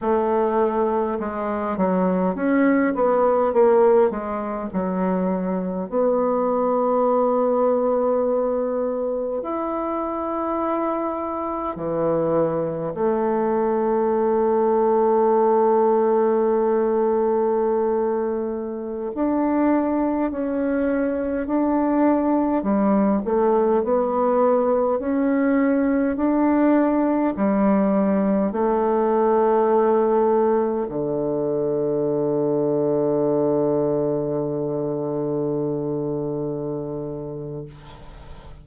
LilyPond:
\new Staff \with { instrumentName = "bassoon" } { \time 4/4 \tempo 4 = 51 a4 gis8 fis8 cis'8 b8 ais8 gis8 | fis4 b2. | e'2 e4 a4~ | a1~ |
a16 d'4 cis'4 d'4 g8 a16~ | a16 b4 cis'4 d'4 g8.~ | g16 a2 d4.~ d16~ | d1 | }